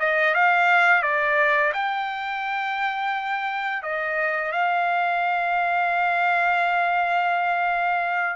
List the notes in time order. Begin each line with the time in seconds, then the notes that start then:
0.00 D#5
0.35 F5
1.03 D5
1.74 G5
3.83 D#5
4.53 F5